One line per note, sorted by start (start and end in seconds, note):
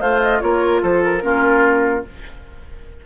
0.00 0.42 A3
0.00 0.43 F4
0.00 0.40 C5
0.00 0.22 F5
0.22 0.41 D#5
0.40 0.83 A#3
0.40 1.22 F4
0.40 0.82 A#4
0.40 0.81 C#5
0.82 1.24 F3
0.82 1.23 A4
0.82 1.04 C5
1.04 2.06 A#4
1.22 2.05 A#3
1.22 2.03 C#4
1.22 2.06 F4